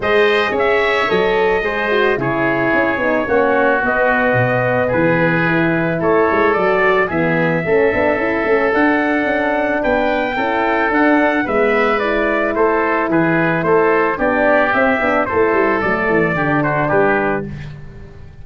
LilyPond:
<<
  \new Staff \with { instrumentName = "trumpet" } { \time 4/4 \tempo 4 = 110 dis''4 e''4 dis''2 | cis''2. dis''4~ | dis''4 b'2 cis''4 | d''4 e''2. |
fis''2 g''2 | fis''4 e''4 d''4 c''4 | b'4 c''4 d''4 e''4 | c''4 d''4. c''8 b'4 | }
  \new Staff \with { instrumentName = "oboe" } { \time 4/4 c''4 cis''2 c''4 | gis'2 fis'2~ | fis'4 gis'2 a'4~ | a'4 gis'4 a'2~ |
a'2 b'4 a'4~ | a'4 b'2 a'4 | gis'4 a'4 g'2 | a'2 g'8 fis'8 g'4 | }
  \new Staff \with { instrumentName = "horn" } { \time 4/4 gis'2 a'4 gis'8 fis'8 | e'4. dis'8 cis'4 b4~ | b2 e'2 | fis'4 b4 cis'8 d'8 e'8 cis'8 |
d'2. e'4 | d'4 b4 e'2~ | e'2 d'4 c'8 d'8 | e'4 a4 d'2 | }
  \new Staff \with { instrumentName = "tuba" } { \time 4/4 gis4 cis'4 fis4 gis4 | cis4 cis'8 b8 ais4 b4 | b,4 e2 a8 gis8 | fis4 e4 a8 b8 cis'8 a8 |
d'4 cis'4 b4 cis'4 | d'4 gis2 a4 | e4 a4 b4 c'8 b8 | a8 g8 fis8 e8 d4 g4 | }
>>